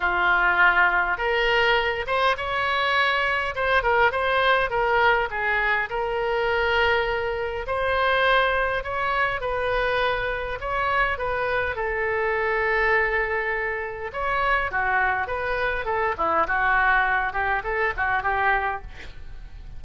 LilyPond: \new Staff \with { instrumentName = "oboe" } { \time 4/4 \tempo 4 = 102 f'2 ais'4. c''8 | cis''2 c''8 ais'8 c''4 | ais'4 gis'4 ais'2~ | ais'4 c''2 cis''4 |
b'2 cis''4 b'4 | a'1 | cis''4 fis'4 b'4 a'8 e'8 | fis'4. g'8 a'8 fis'8 g'4 | }